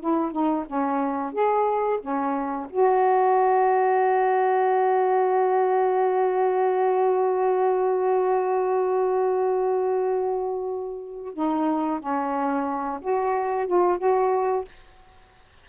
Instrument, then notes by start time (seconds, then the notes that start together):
saxophone
0.00 E4
0.32 D#4
0.66 C#4
1.33 G#4
2.00 C#4
2.70 F#4
11.34 D#4
12.00 C#4
13.01 F#4
13.67 F4
13.98 F#4